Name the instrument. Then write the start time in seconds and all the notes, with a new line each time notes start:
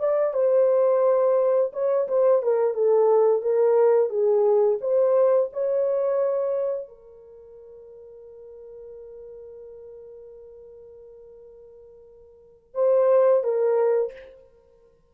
horn
0.00 D5
0.34 C5
1.73 C#5
2.08 C5
2.43 A#4
2.74 A4
3.43 A#4
4.10 G#4
4.81 C5
5.53 C#5
6.89 A#4
12.75 C5
13.44 A#4